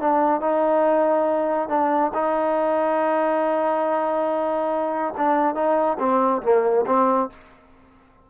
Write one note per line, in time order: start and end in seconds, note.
0.00 0.41 D4
0.41 1.69 D#4
1.69 2.12 D4
2.14 5.14 D#4
5.17 5.54 D4
5.54 5.97 D#4
5.99 6.42 C4
6.42 6.85 A#3
6.86 7.29 C4